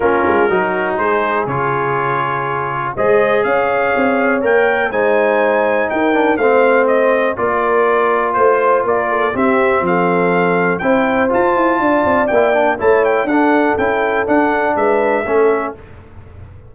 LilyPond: <<
  \new Staff \with { instrumentName = "trumpet" } { \time 4/4 \tempo 4 = 122 ais'2 c''4 cis''4~ | cis''2 dis''4 f''4~ | f''4 g''4 gis''2 | g''4 f''4 dis''4 d''4~ |
d''4 c''4 d''4 e''4 | f''2 g''4 a''4~ | a''4 g''4 a''8 g''8 fis''4 | g''4 fis''4 e''2 | }
  \new Staff \with { instrumentName = "horn" } { \time 4/4 f'4 fis'4 gis'2~ | gis'2 c''4 cis''4~ | cis''2 c''2 | ais'4 c''2 ais'4~ |
ais'4 c''4 ais'8 a'8 g'4 | a'2 c''2 | d''2 cis''4 a'4~ | a'2 b'4 a'4 | }
  \new Staff \with { instrumentName = "trombone" } { \time 4/4 cis'4 dis'2 f'4~ | f'2 gis'2~ | gis'4 ais'4 dis'2~ | dis'8 d'8 c'2 f'4~ |
f'2. c'4~ | c'2 e'4 f'4~ | f'4 e'8 d'8 e'4 d'4 | e'4 d'2 cis'4 | }
  \new Staff \with { instrumentName = "tuba" } { \time 4/4 ais8 gis8 fis4 gis4 cis4~ | cis2 gis4 cis'4 | c'4 ais4 gis2 | dis'4 a2 ais4~ |
ais4 a4 ais4 c'4 | f2 c'4 f'8 e'8 | d'8 c'8 ais4 a4 d'4 | cis'4 d'4 gis4 a4 | }
>>